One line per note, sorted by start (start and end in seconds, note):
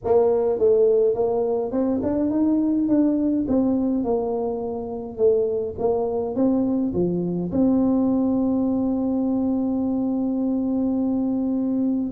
0.04 0.58 A#3
0.58 1.14 A3
1.14 1.72 A#3
1.72 2.00 C4
2.02 2.30 D4
2.30 2.88 D#4
2.88 3.46 D4
3.48 4.04 C4
4.04 5.17 A#3
5.17 5.75 A3
5.78 6.35 A#3
6.35 6.93 C4
6.93 7.51 F3
7.51 12.11 C4